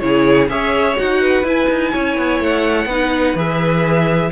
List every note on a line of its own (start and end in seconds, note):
0.00 0.49 C#3
0.00 0.49 E4
0.00 0.51 G#4
0.00 0.48 C#5
0.49 0.97 C#4
0.49 0.96 G#4
0.49 1.22 C#5
0.49 0.97 E5
0.96 1.44 D#4
0.96 1.44 F#4
0.96 1.46 F#5
1.22 1.93 B4
1.44 1.67 E4
1.44 2.89 E4
1.44 2.43 G#5
1.70 1.94 D#4
1.93 2.17 C#4
1.93 2.88 C#5
2.17 2.40 B3
2.40 2.85 A3
2.40 3.38 F#5
2.85 3.33 B3
2.85 3.36 D#4
2.85 4.31 B4
3.35 4.30 E3
3.35 4.32 G#4
3.35 4.32 E5